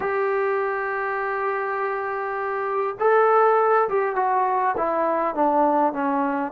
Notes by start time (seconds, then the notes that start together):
0.00 G4
2.99 A4
3.88 G4
4.15 F#4
4.77 E4
5.34 D4
5.92 C#4